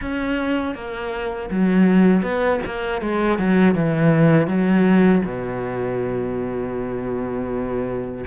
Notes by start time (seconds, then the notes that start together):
0.01 C#4
0.74 A#3
1.50 F#3
2.22 B3
2.65 A#3
3.01 G#3
3.38 F#3
3.74 E3
4.47 F#3
5.25 B2